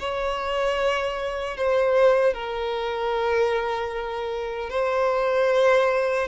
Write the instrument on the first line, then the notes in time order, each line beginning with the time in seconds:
violin
0.00 C#5
1.58 C5
2.34 A#4
4.70 C5